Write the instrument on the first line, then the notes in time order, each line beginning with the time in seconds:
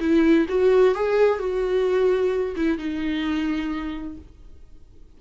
viola
0.00 E4
0.49 F#4
0.95 G#4
1.39 F#4
2.56 E4
2.78 D#4